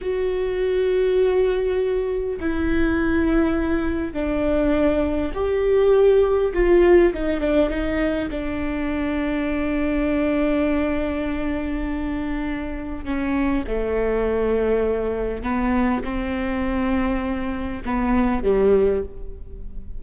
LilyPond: \new Staff \with { instrumentName = "viola" } { \time 4/4 \tempo 4 = 101 fis'1 | e'2. d'4~ | d'4 g'2 f'4 | dis'8 d'8 dis'4 d'2~ |
d'1~ | d'2 cis'4 a4~ | a2 b4 c'4~ | c'2 b4 g4 | }